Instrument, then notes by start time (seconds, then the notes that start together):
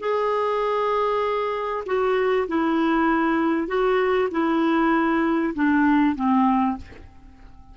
clarinet
0.00 G#4
1.86 F#4
2.48 E4
3.67 F#4
4.31 E4
5.54 D4
6.16 C4